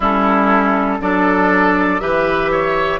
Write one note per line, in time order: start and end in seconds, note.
0.00 0.99 G3
0.00 1.01 C#4
0.00 0.97 E4
0.00 1.01 A4
1.00 2.00 F#3
1.00 2.00 D4
1.00 2.01 A4
1.00 2.00 D5
2.00 2.99 E3
2.00 2.99 G4
2.00 2.51 B4
2.00 2.99 E5
2.51 2.99 C#5